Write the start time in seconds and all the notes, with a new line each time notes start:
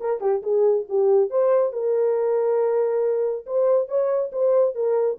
0.00 A#4
0.21 G4
0.43 G#4
0.89 G4
1.30 C5
1.73 A#4
3.46 C5
3.88 C#5
4.32 C5
4.75 A#4